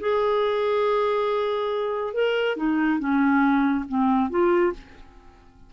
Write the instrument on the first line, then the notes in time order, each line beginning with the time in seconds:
clarinet
0.00 G#4
2.14 A#4
2.57 D#4
2.99 C#4
3.88 C4
4.30 F4